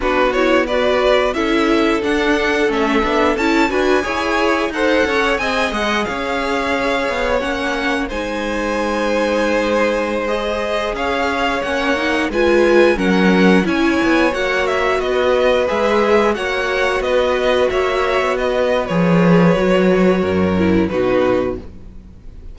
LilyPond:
<<
  \new Staff \with { instrumentName = "violin" } { \time 4/4 \tempo 4 = 89 b'8 cis''8 d''4 e''4 fis''4 | e''4 a''8 gis''4. fis''4 | gis''8 fis''8 f''2 fis''4 | gis''2.~ gis''16 dis''8.~ |
dis''16 f''4 fis''4 gis''4 fis''8.~ | fis''16 gis''4 fis''8 e''8 dis''4 e''8.~ | e''16 fis''4 dis''4 e''4 dis''8. | cis''2. b'4 | }
  \new Staff \with { instrumentName = "violin" } { \time 4/4 fis'4 b'4 a'2~ | a'4. b'8 cis''4 c''8 cis''8 | dis''4 cis''2. | c''1~ |
c''16 cis''2 b'4 ais'8.~ | ais'16 cis''2 b'4.~ b'16~ | b'16 cis''4 b'4 cis''4 b'8.~ | b'2 ais'4 fis'4 | }
  \new Staff \with { instrumentName = "viola" } { \time 4/4 d'8 e'8 fis'4 e'4 d'4 | cis'8 d'8 e'8 fis'8 gis'4 a'4 | gis'2. cis'4 | dis'2.~ dis'16 gis'8.~ |
gis'4~ gis'16 cis'8 dis'8 f'4 cis'8.~ | cis'16 e'4 fis'2 gis'8.~ | gis'16 fis'2.~ fis'8. | gis'4 fis'4. e'8 dis'4 | }
  \new Staff \with { instrumentName = "cello" } { \time 4/4 b2 cis'4 d'4 | a8 b8 cis'8 d'8 e'4 dis'8 cis'8 | c'8 gis8 cis'4. b8 ais4 | gis1~ |
gis16 cis'4 ais4 gis4 fis8.~ | fis16 cis'8 b8 ais4 b4 gis8.~ | gis16 ais4 b4 ais8. b4 | f4 fis4 fis,4 b,4 | }
>>